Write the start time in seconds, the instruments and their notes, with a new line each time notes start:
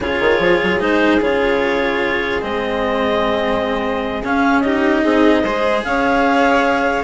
0.00 bassoon C#3, cello F4, violin G#4, clarinet C#5
0.20 bassoon D#3
0.39 bassoon F3
0.62 bassoon F#3
0.80 bassoon G#3, cello D#4, clarinet C5
1.19 bassoon C#3, cello F4, clarinet C#5
2.41 bassoon G#3, cello C4, clarinet D#5
4.22 bassoon C#4, cello C#4, clarinet F5
4.60 cello D#4, violin G4, clarinet D#5
5.03 bassoon C4, violin G#4
5.43 bassoon G#3, cello G#4, violin C5
5.84 bassoon C#4, violin C#5, clarinet F5